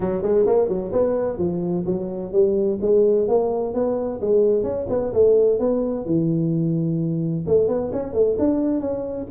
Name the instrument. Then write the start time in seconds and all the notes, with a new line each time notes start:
tuba
0.00 F#3
0.22 G#3
0.46 A#3
0.68 F#3
0.92 B3
1.38 F3
1.86 F#3
2.32 G3
2.81 G#3
3.28 A#3
3.74 B3
4.21 G#3
4.63 C#4
4.89 B3
5.13 A3
5.59 B3
6.05 E3
7.46 A3
7.67 B3
7.92 C#4
8.13 A3
8.38 D4
8.80 C#4